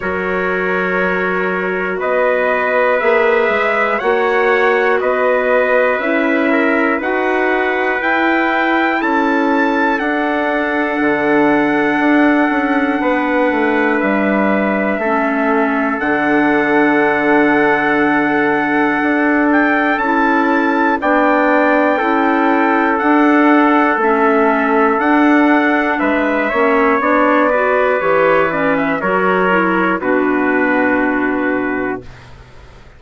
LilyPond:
<<
  \new Staff \with { instrumentName = "trumpet" } { \time 4/4 \tempo 4 = 60 cis''2 dis''4 e''4 | fis''4 dis''4 e''4 fis''4 | g''4 a''4 fis''2~ | fis''2 e''2 |
fis''2.~ fis''8 g''8 | a''4 g''2 fis''4 | e''4 fis''4 e''4 d''4 | cis''8 d''16 e''16 cis''4 b'2 | }
  \new Staff \with { instrumentName = "trumpet" } { \time 4/4 ais'2 b'2 | cis''4 b'4. ais'8 b'4~ | b'4 a'2.~ | a'4 b'2 a'4~ |
a'1~ | a'4 d''4 a'2~ | a'2 b'8 cis''4 b'8~ | b'4 ais'4 fis'2 | }
  \new Staff \with { instrumentName = "clarinet" } { \time 4/4 fis'2. gis'4 | fis'2 e'4 fis'4 | e'2 d'2~ | d'2. cis'4 |
d'1 | e'4 d'4 e'4 d'4 | cis'4 d'4. cis'8 d'8 fis'8 | g'8 cis'8 fis'8 e'8 d'2 | }
  \new Staff \with { instrumentName = "bassoon" } { \time 4/4 fis2 b4 ais8 gis8 | ais4 b4 cis'4 dis'4 | e'4 cis'4 d'4 d4 | d'8 cis'8 b8 a8 g4 a4 |
d2. d'4 | cis'4 b4 cis'4 d'4 | a4 d'4 gis8 ais8 b4 | e4 fis4 b,2 | }
>>